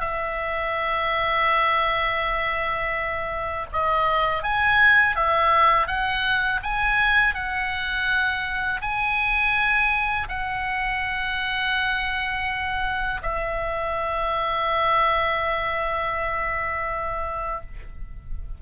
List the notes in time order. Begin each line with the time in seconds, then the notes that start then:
0.00 E5
3.72 D#5
4.42 G#5
5.15 E5
5.87 F#5
6.63 G#5
7.34 F#5
8.81 G#5
10.28 F#5
13.22 E5